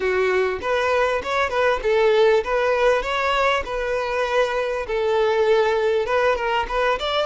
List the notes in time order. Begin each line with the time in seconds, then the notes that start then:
0.00 F#4
0.61 B4
1.23 C#5
1.49 B4
1.82 A4
2.44 B4
3.02 C#5
3.65 B4
4.87 A4
6.06 B4
6.36 A#4
6.68 B4
6.99 D5